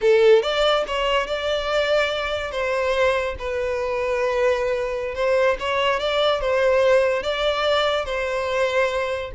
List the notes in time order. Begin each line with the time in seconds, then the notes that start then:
0.01 A4
0.42 D5
0.87 C#5
1.26 D5
2.51 C5
3.39 B4
5.14 C5
5.59 C#5
5.99 D5
6.40 C5
7.23 D5
8.05 C5